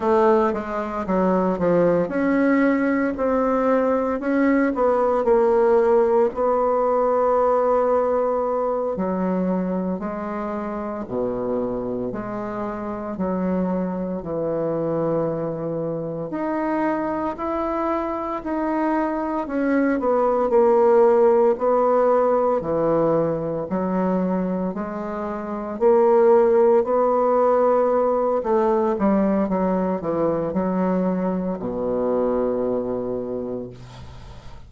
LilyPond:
\new Staff \with { instrumentName = "bassoon" } { \time 4/4 \tempo 4 = 57 a8 gis8 fis8 f8 cis'4 c'4 | cis'8 b8 ais4 b2~ | b8 fis4 gis4 b,4 gis8~ | gis8 fis4 e2 dis'8~ |
dis'8 e'4 dis'4 cis'8 b8 ais8~ | ais8 b4 e4 fis4 gis8~ | gis8 ais4 b4. a8 g8 | fis8 e8 fis4 b,2 | }